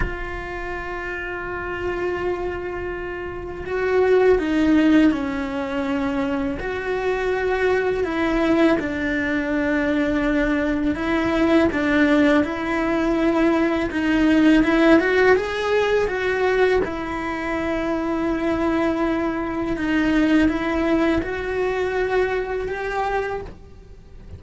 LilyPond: \new Staff \with { instrumentName = "cello" } { \time 4/4 \tempo 4 = 82 f'1~ | f'4 fis'4 dis'4 cis'4~ | cis'4 fis'2 e'4 | d'2. e'4 |
d'4 e'2 dis'4 | e'8 fis'8 gis'4 fis'4 e'4~ | e'2. dis'4 | e'4 fis'2 g'4 | }